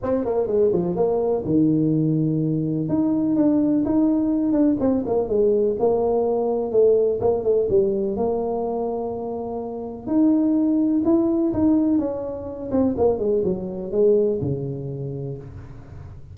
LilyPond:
\new Staff \with { instrumentName = "tuba" } { \time 4/4 \tempo 4 = 125 c'8 ais8 gis8 f8 ais4 dis4~ | dis2 dis'4 d'4 | dis'4. d'8 c'8 ais8 gis4 | ais2 a4 ais8 a8 |
g4 ais2.~ | ais4 dis'2 e'4 | dis'4 cis'4. c'8 ais8 gis8 | fis4 gis4 cis2 | }